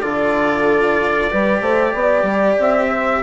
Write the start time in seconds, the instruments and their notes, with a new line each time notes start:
0.00 bassoon D3, cello F4, horn A4, trumpet D5
1.30 bassoon G3, cello G4, horn B4
1.61 bassoon A3, horn C5
1.93 bassoon B3, horn D5
2.22 bassoon G3
2.59 bassoon C4, trumpet E5
2.89 horn C5